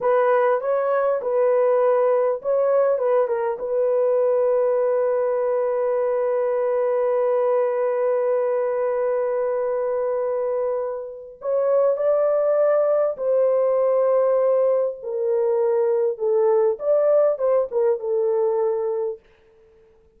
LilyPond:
\new Staff \with { instrumentName = "horn" } { \time 4/4 \tempo 4 = 100 b'4 cis''4 b'2 | cis''4 b'8 ais'8 b'2~ | b'1~ | b'1~ |
b'2. cis''4 | d''2 c''2~ | c''4 ais'2 a'4 | d''4 c''8 ais'8 a'2 | }